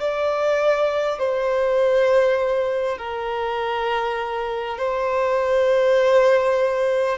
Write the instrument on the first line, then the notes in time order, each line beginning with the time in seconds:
violin
0.00 D5
1.18 C5
2.98 A#4
4.78 C5